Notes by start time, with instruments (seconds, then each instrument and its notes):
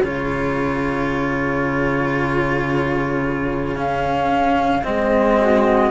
0.00 cello C#3 F4, flute G#4 C#5
3.76 cello C#4, flute F5
4.83 cello G#3 C4, flute D#5
5.39 flute F#4